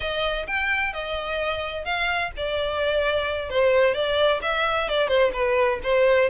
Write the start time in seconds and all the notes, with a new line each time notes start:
0.00 D#5
0.47 G5
0.93 D#5
1.84 F5
2.36 D5
3.49 C5
3.94 D5
4.42 E5
4.88 D5
5.08 C5
5.33 B4
5.83 C5